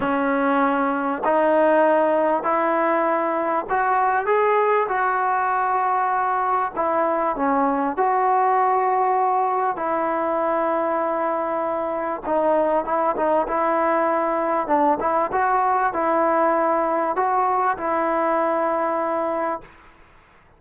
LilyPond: \new Staff \with { instrumentName = "trombone" } { \time 4/4 \tempo 4 = 98 cis'2 dis'2 | e'2 fis'4 gis'4 | fis'2. e'4 | cis'4 fis'2. |
e'1 | dis'4 e'8 dis'8 e'2 | d'8 e'8 fis'4 e'2 | fis'4 e'2. | }